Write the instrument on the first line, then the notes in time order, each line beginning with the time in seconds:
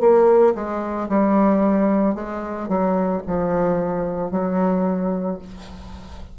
bassoon
0.00 A#3
0.55 G#3
1.09 G3
2.15 G#3
2.68 F#3
3.27 F3
4.31 F#3